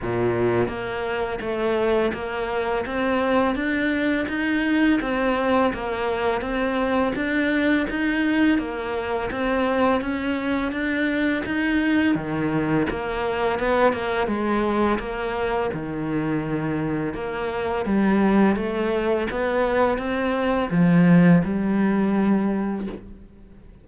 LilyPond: \new Staff \with { instrumentName = "cello" } { \time 4/4 \tempo 4 = 84 ais,4 ais4 a4 ais4 | c'4 d'4 dis'4 c'4 | ais4 c'4 d'4 dis'4 | ais4 c'4 cis'4 d'4 |
dis'4 dis4 ais4 b8 ais8 | gis4 ais4 dis2 | ais4 g4 a4 b4 | c'4 f4 g2 | }